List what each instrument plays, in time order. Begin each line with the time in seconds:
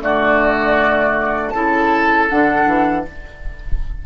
0.00 bassoon D3, clarinet A3, oboe F#4, flute D5
1.50 bassoon C#3, clarinet E4, oboe A4, flute A5
2.29 bassoon D3, clarinet D4, flute F#5
2.66 bassoon E3